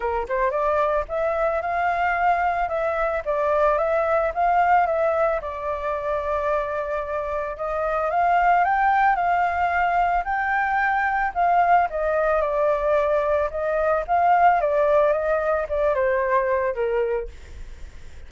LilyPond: \new Staff \with { instrumentName = "flute" } { \time 4/4 \tempo 4 = 111 ais'8 c''8 d''4 e''4 f''4~ | f''4 e''4 d''4 e''4 | f''4 e''4 d''2~ | d''2 dis''4 f''4 |
g''4 f''2 g''4~ | g''4 f''4 dis''4 d''4~ | d''4 dis''4 f''4 d''4 | dis''4 d''8 c''4. ais'4 | }